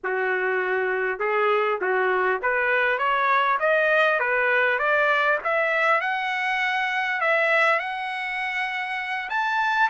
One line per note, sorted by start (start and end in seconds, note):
0.03 1.19 F#4
1.19 1.79 G#4
1.81 2.41 F#4
2.42 2.98 B4
2.98 3.58 C#5
3.59 4.19 D#5
4.19 4.78 B4
4.78 5.38 D5
5.44 6.00 E5
6.00 7.20 F#5
7.20 7.79 E5
7.79 9.29 F#5
9.29 9.89 A5